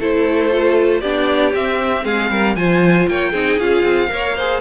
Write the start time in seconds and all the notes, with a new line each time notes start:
0.00 A3 E4 A4 C5
0.51 F4
1.01 B3 D4 G4 D5
1.53 C4 E5
2.04 G#3 G#4 F5
2.31 G3 A#4
2.56 F3 F4 C5 G#5
3.08 A#3 C#5 G5
3.31 C4 D#4 G#4
3.60 C#4 F4 F5
3.83 C4
4.08 A#3 A#4 C#5
4.36 G#4 C5